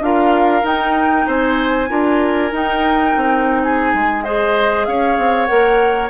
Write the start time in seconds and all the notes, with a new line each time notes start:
0.00 D4 F4 A#4 F5
0.62 D#4 G5
1.27 C4 C5 G#5
1.88 D4 F4 A#4
2.52 D#4 G5
3.16 C4
3.63 G#4 G#5
3.94 G#3
4.24 G#4 C5 D#5
4.85 C#4 C#5 F5
5.18 C4
5.45 A#3 A#4 F#5